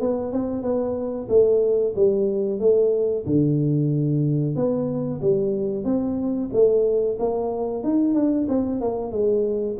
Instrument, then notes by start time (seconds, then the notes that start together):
tuba
0.00 B3
0.32 C4
0.62 B3
1.28 A3
1.95 G3
2.59 A3
3.25 D3
4.55 B3
5.21 G3
5.84 C4
6.52 A3
7.19 A#3
7.83 D#4
8.14 D4
8.48 C4
8.80 A#3
9.11 G#3